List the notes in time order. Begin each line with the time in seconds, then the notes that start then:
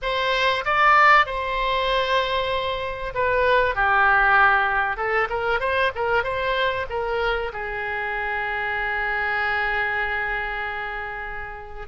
0.02 C5
0.64 D5
1.26 C5
3.14 B4
3.75 G4
4.96 A4
5.29 A#4
5.60 C5
5.95 A#4
6.23 C5
6.89 A#4
7.52 G#4